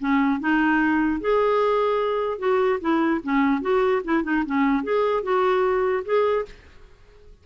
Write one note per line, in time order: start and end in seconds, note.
0.00 0.40 C#4
0.40 1.21 D#4
1.21 2.39 G#4
2.39 2.79 F#4
2.81 3.21 E4
3.23 3.62 C#4
3.62 4.02 F#4
4.04 4.24 E4
4.24 4.44 D#4
4.46 4.83 C#4
4.83 5.23 G#4
5.23 6.04 F#4
6.05 6.46 G#4